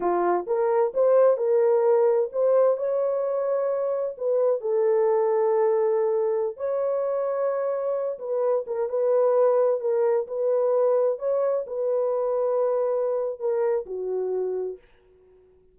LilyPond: \new Staff \with { instrumentName = "horn" } { \time 4/4 \tempo 4 = 130 f'4 ais'4 c''4 ais'4~ | ais'4 c''4 cis''2~ | cis''4 b'4 a'2~ | a'2~ a'16 cis''4.~ cis''16~ |
cis''4.~ cis''16 b'4 ais'8 b'8.~ | b'4~ b'16 ais'4 b'4.~ b'16~ | b'16 cis''4 b'2~ b'8.~ | b'4 ais'4 fis'2 | }